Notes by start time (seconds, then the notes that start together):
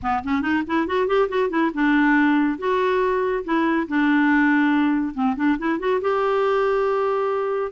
0.02 B3
0.24 C#4
0.41 D#4
0.66 E4
0.86 F#4
1.07 G4
1.28 F#4
1.49 E4
1.74 D4
2.58 F#4
3.44 E4
3.88 D4
5.14 C4
5.36 D4
5.58 E4
5.79 F#4
6.01 G4